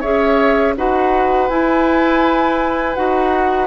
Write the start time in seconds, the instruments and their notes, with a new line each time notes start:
0.00 bassoon C#4, clarinet G#4, oboe C#5, flute E5
0.77 bassoon D#4, clarinet F#4, oboe B4, flute F#5
1.48 clarinet E4, bassoon E4, flute G#5
2.95 bassoon D#4, clarinet F#4, flute F#5